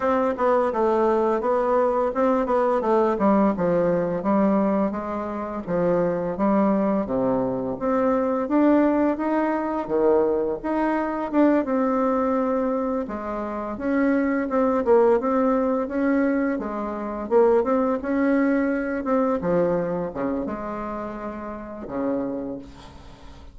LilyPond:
\new Staff \with { instrumentName = "bassoon" } { \time 4/4 \tempo 4 = 85 c'8 b8 a4 b4 c'8 b8 | a8 g8 f4 g4 gis4 | f4 g4 c4 c'4 | d'4 dis'4 dis4 dis'4 |
d'8 c'2 gis4 cis'8~ | cis'8 c'8 ais8 c'4 cis'4 gis8~ | gis8 ais8 c'8 cis'4. c'8 f8~ | f8 cis8 gis2 cis4 | }